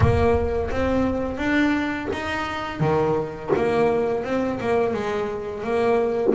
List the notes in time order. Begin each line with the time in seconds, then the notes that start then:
0.00 A#3
0.71 C4
1.37 D4
2.12 D#4
2.79 D#3
3.56 A#3
4.24 C4
4.60 A#3
4.93 G#3
5.63 A#3